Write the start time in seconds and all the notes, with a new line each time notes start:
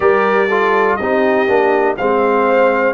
0.00 G3 G4 A#4 D5
0.48 F4 A4
0.96 C4 D#4 G4 D#5
1.47 A#3 D4
1.97 G#3 C4 C5 F5